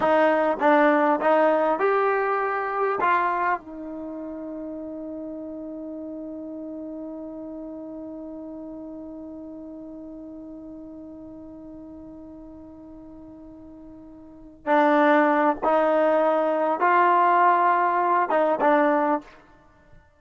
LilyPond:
\new Staff \with { instrumentName = "trombone" } { \time 4/4 \tempo 4 = 100 dis'4 d'4 dis'4 g'4~ | g'4 f'4 dis'2~ | dis'1~ | dis'1~ |
dis'1~ | dis'1~ | dis'8 d'4. dis'2 | f'2~ f'8 dis'8 d'4 | }